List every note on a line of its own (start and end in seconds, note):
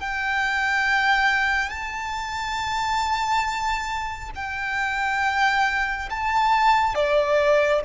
0.00 1.70 G5
1.70 4.30 A5
4.36 6.09 G5
6.10 6.95 A5
6.95 7.82 D5